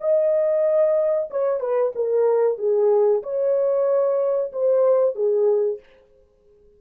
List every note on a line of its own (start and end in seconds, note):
0.00 1.29 D#5
1.30 1.60 C#5
1.60 1.92 B4
1.95 2.58 A#4
2.58 3.22 G#4
3.23 4.52 C#5
4.52 5.15 C5
5.15 5.79 G#4